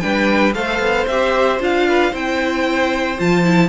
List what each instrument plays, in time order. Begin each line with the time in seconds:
0.00 cello G3, viola D4, violin B4 G5
0.54 cello A3, viola A4, violin C5 F5
0.79 cello B3
1.07 cello C4, viola G4, violin E5
1.59 cello D4, viola F4, violin F5
1.87 violin B4
2.11 cello C4, viola E4, violin C5 G5
3.18 cello F3, viola F4, violin A5
3.44 viola E4